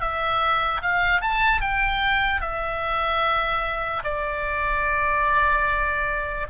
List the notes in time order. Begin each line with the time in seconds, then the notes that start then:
0.00 E5
0.81 F5
1.21 A5
1.61 G5
2.40 E5
4.03 D5